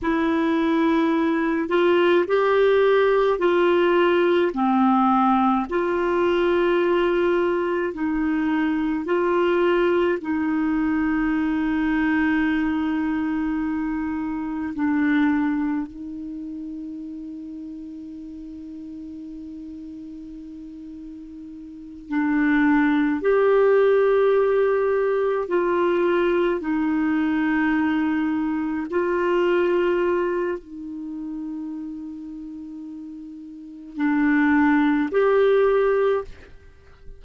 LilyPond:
\new Staff \with { instrumentName = "clarinet" } { \time 4/4 \tempo 4 = 53 e'4. f'8 g'4 f'4 | c'4 f'2 dis'4 | f'4 dis'2.~ | dis'4 d'4 dis'2~ |
dis'2.~ dis'8 d'8~ | d'8 g'2 f'4 dis'8~ | dis'4. f'4. dis'4~ | dis'2 d'4 g'4 | }